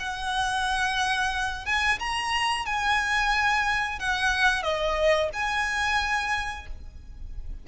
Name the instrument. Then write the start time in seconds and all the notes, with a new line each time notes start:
violin
0.00 F#5
1.66 G#5
1.99 A#5
2.66 G#5
3.99 F#5
4.63 D#5
5.33 G#5